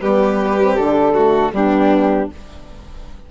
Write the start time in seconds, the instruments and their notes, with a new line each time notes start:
0.00 bassoon G3, horn B3, violin G4, flute B4
0.60 horn C4
0.76 bassoon D3, horn D4, flute A4
1.14 horn A3, violin F#4
1.52 bassoon G3, horn B3, violin D4, flute G4